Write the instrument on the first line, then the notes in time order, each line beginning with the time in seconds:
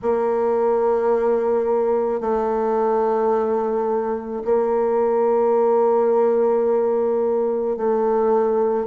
bassoon
0.02 A#3
2.20 A3
4.44 A#3
7.76 A3